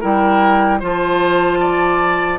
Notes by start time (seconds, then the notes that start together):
0.00 G3 E4 A#4 G5
0.80 F3 F4 C5 A5
1.60 D5